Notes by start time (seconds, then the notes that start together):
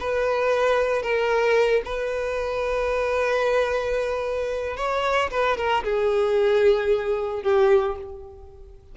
0.00 B4
1.02 A#4
1.85 B4
4.76 C#5
5.30 B4
5.57 A#4
5.84 G#4
7.42 G4